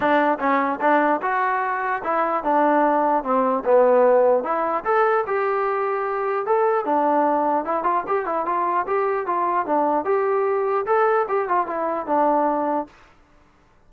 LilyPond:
\new Staff \with { instrumentName = "trombone" } { \time 4/4 \tempo 4 = 149 d'4 cis'4 d'4 fis'4~ | fis'4 e'4 d'2 | c'4 b2 e'4 | a'4 g'2. |
a'4 d'2 e'8 f'8 | g'8 e'8 f'4 g'4 f'4 | d'4 g'2 a'4 | g'8 f'8 e'4 d'2 | }